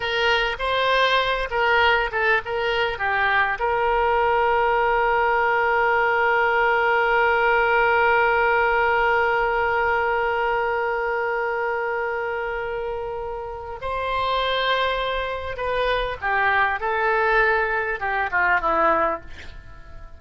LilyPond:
\new Staff \with { instrumentName = "oboe" } { \time 4/4 \tempo 4 = 100 ais'4 c''4. ais'4 a'8 | ais'4 g'4 ais'2~ | ais'1~ | ais'1~ |
ais'1~ | ais'2. c''4~ | c''2 b'4 g'4 | a'2 g'8 f'8 e'4 | }